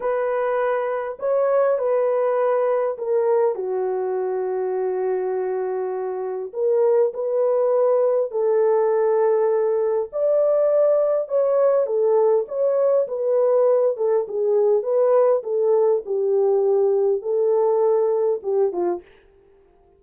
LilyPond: \new Staff \with { instrumentName = "horn" } { \time 4/4 \tempo 4 = 101 b'2 cis''4 b'4~ | b'4 ais'4 fis'2~ | fis'2. ais'4 | b'2 a'2~ |
a'4 d''2 cis''4 | a'4 cis''4 b'4. a'8 | gis'4 b'4 a'4 g'4~ | g'4 a'2 g'8 f'8 | }